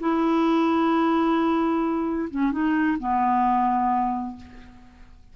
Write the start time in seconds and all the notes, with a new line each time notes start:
0.00 E4
2.30 C#4
2.52 D#4
2.99 B3